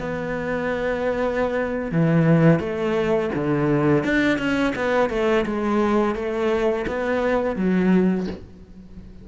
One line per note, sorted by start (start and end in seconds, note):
0.00 1.92 B3
1.92 2.60 E3
2.60 3.30 A3
3.35 4.04 D3
4.04 4.39 D4
4.39 4.74 C#4
4.76 5.10 B3
5.10 5.45 A3
5.46 6.15 G#3
6.15 6.86 A3
6.87 7.56 B3
7.56 8.27 F#3